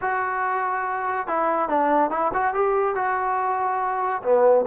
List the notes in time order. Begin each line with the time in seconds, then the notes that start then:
0.01 F#4
1.27 E4
1.68 D4
2.10 E4
2.33 F#4
2.54 G4
2.95 F#4
4.23 B3